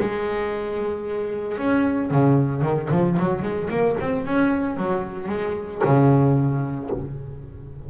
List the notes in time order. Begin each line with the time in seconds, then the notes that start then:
0.00 G#3
1.58 C#4
2.11 C#3
2.62 D#3
2.92 F3
3.19 F#3
3.43 G#3
3.70 A#3
4.00 C4
4.26 C#4
4.77 F#3
5.29 G#3
5.85 C#3